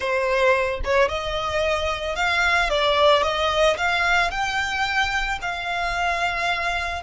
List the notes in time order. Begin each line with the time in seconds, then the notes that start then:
0.00 C5
0.84 C#5
1.08 D#5
2.15 F5
2.69 D5
3.22 D#5
3.77 F5
4.30 G5
5.41 F5